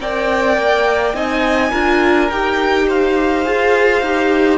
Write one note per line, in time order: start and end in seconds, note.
0.00 0.57 C4
0.00 1.13 A#4
0.00 1.15 D5
0.00 1.15 G5
0.57 1.14 A#3
1.13 1.71 C4
1.13 1.71 D#4
1.13 1.70 D#5
1.13 2.30 G#5
1.70 2.30 D4
1.70 2.30 F4
1.70 2.86 A#4
2.30 3.46 D#4
2.30 3.44 G4
2.30 2.87 G5
2.87 4.58 C5
2.87 4.58 F5
3.44 4.01 F4
3.44 4.02 G#4
4.01 4.58 D#4
4.01 4.58 G4